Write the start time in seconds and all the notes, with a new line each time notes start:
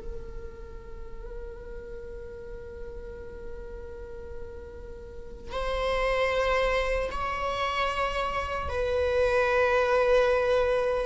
0.00 A#4
5.52 C5
7.11 C#5
8.69 B4